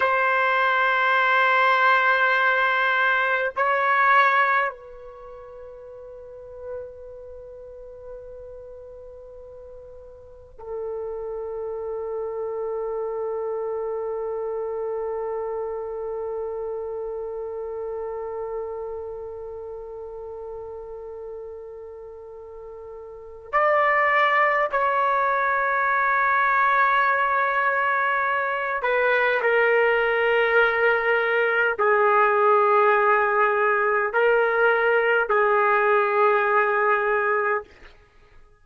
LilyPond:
\new Staff \with { instrumentName = "trumpet" } { \time 4/4 \tempo 4 = 51 c''2. cis''4 | b'1~ | b'4 a'2.~ | a'1~ |
a'1 | d''4 cis''2.~ | cis''8 b'8 ais'2 gis'4~ | gis'4 ais'4 gis'2 | }